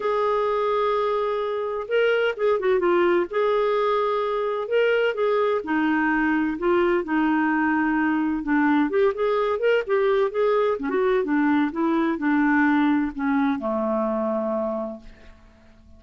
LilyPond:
\new Staff \with { instrumentName = "clarinet" } { \time 4/4 \tempo 4 = 128 gis'1 | ais'4 gis'8 fis'8 f'4 gis'4~ | gis'2 ais'4 gis'4 | dis'2 f'4 dis'4~ |
dis'2 d'4 g'8 gis'8~ | gis'8 ais'8 g'4 gis'4 cis'16 fis'8. | d'4 e'4 d'2 | cis'4 a2. | }